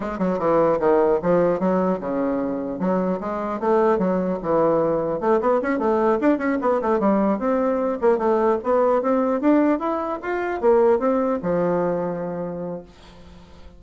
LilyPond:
\new Staff \with { instrumentName = "bassoon" } { \time 4/4 \tempo 4 = 150 gis8 fis8 e4 dis4 f4 | fis4 cis2 fis4 | gis4 a4 fis4 e4~ | e4 a8 b8 cis'8 a4 d'8 |
cis'8 b8 a8 g4 c'4. | ais8 a4 b4 c'4 d'8~ | d'8 e'4 f'4 ais4 c'8~ | c'8 f2.~ f8 | }